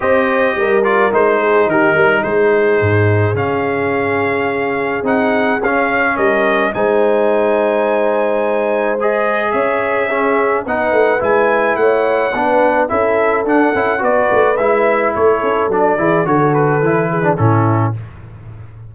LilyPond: <<
  \new Staff \with { instrumentName = "trumpet" } { \time 4/4 \tempo 4 = 107 dis''4. d''8 c''4 ais'4 | c''2 f''2~ | f''4 fis''4 f''4 dis''4 | gis''1 |
dis''4 e''2 fis''4 | gis''4 fis''2 e''4 | fis''4 d''4 e''4 cis''4 | d''4 cis''8 b'4. a'4 | }
  \new Staff \with { instrumentName = "horn" } { \time 4/4 c''4 ais'4. gis'8 g'8 ais'8 | gis'1~ | gis'2. ais'4 | c''1~ |
c''4 cis''4 gis'4 b'4~ | b'4 cis''4 b'4 a'4~ | a'4 b'2 a'4~ | a'8 gis'8 a'4. gis'8 e'4 | }
  \new Staff \with { instrumentName = "trombone" } { \time 4/4 g'4. f'8 dis'2~ | dis'2 cis'2~ | cis'4 dis'4 cis'2 | dis'1 |
gis'2 cis'4 dis'4 | e'2 d'4 e'4 | d'8 e'8 fis'4 e'2 | d'8 e'8 fis'4 e'8. d'16 cis'4 | }
  \new Staff \with { instrumentName = "tuba" } { \time 4/4 c'4 g4 gis4 dis8 g8 | gis4 gis,4 cis2~ | cis4 c'4 cis'4 g4 | gis1~ |
gis4 cis'2 b8 a8 | gis4 a4 b4 cis'4 | d'8 cis'8 b8 a8 gis4 a8 cis'8 | fis8 e8 d4 e4 a,4 | }
>>